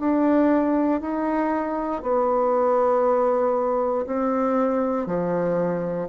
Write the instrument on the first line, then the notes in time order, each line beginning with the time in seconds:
bassoon
0.00 D4
1.01 D#4
2.02 B3
4.06 C4
5.07 F3